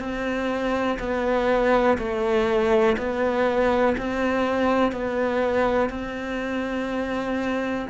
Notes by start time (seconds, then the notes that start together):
0.00 C4
1.00 B3
1.99 A3
2.98 B3
3.98 C4
4.93 B3
5.90 C4